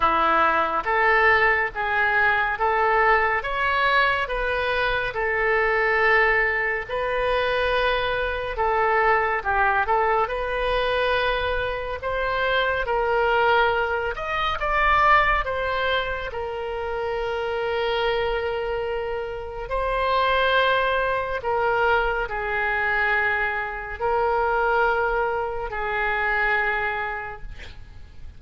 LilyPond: \new Staff \with { instrumentName = "oboe" } { \time 4/4 \tempo 4 = 70 e'4 a'4 gis'4 a'4 | cis''4 b'4 a'2 | b'2 a'4 g'8 a'8 | b'2 c''4 ais'4~ |
ais'8 dis''8 d''4 c''4 ais'4~ | ais'2. c''4~ | c''4 ais'4 gis'2 | ais'2 gis'2 | }